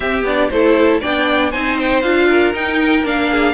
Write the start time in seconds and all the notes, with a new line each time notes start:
0.00 C4 G4 E5
0.23 B3 D4 D5
0.50 A3 E4 A4 C5
1.00 B3 D4 D5 G5
1.50 C4 D#4 C5 G#5
1.79 G5
2.01 D4 F4 F5
2.28 A#4
2.53 D#4 G5
3.03 A#3 D4 F5
3.31 G#4